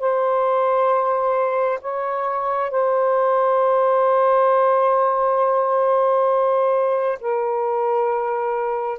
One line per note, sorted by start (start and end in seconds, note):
0.00 1.79 C5
1.82 2.71 C#5
2.71 7.19 C5
7.21 8.99 A#4